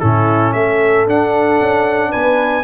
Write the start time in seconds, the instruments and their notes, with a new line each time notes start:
0.00 tuba A2, trombone C#4, horn E4, trumpet A4
0.53 tuba A3, horn A4, trumpet E5
1.07 tuba D4, trombone D4, trumpet F#5
1.61 tuba C#4
2.11 tuba B3, horn B4, trumpet G#5